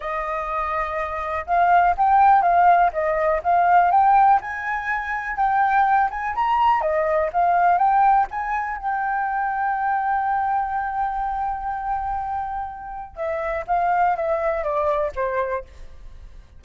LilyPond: \new Staff \with { instrumentName = "flute" } { \time 4/4 \tempo 4 = 123 dis''2. f''4 | g''4 f''4 dis''4 f''4 | g''4 gis''2 g''4~ | g''8 gis''8 ais''4 dis''4 f''4 |
g''4 gis''4 g''2~ | g''1~ | g''2. e''4 | f''4 e''4 d''4 c''4 | }